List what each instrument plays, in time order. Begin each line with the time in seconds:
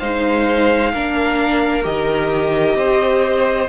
0.00 cello G#3, viola D#4, violin C5 F5
0.93 cello A#3, viola D4, violin A#4
1.83 cello D#3, viola G4, violin D#5
2.76 cello C4, violin C5